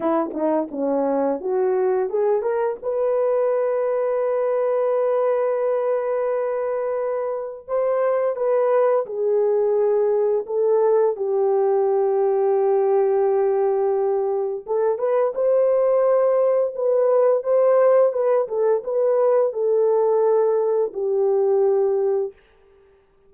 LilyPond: \new Staff \with { instrumentName = "horn" } { \time 4/4 \tempo 4 = 86 e'8 dis'8 cis'4 fis'4 gis'8 ais'8 | b'1~ | b'2. c''4 | b'4 gis'2 a'4 |
g'1~ | g'4 a'8 b'8 c''2 | b'4 c''4 b'8 a'8 b'4 | a'2 g'2 | }